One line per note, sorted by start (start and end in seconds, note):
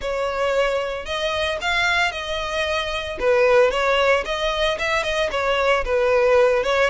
0.01 1.05 C#5
1.05 1.58 D#5
1.61 2.11 F5
2.11 3.18 D#5
3.19 3.70 B4
3.70 4.24 C#5
4.25 4.78 D#5
4.78 5.03 E5
5.03 5.29 D#5
5.31 5.84 C#5
5.84 6.63 B4
6.63 6.90 C#5